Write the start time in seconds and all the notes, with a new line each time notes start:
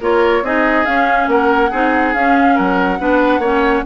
0.00 A#3 F4 A#4 C#5
0.42 C4 D#4 G#4 D#5
0.85 C#4 F5
1.27 A#3 A#4 F#5
1.70 C4 D#4 G#4
2.14 C#4 F5
2.55 F#3 A#4 F#5
2.98 B3 D4 B4
3.38 A#3 C#4 C#5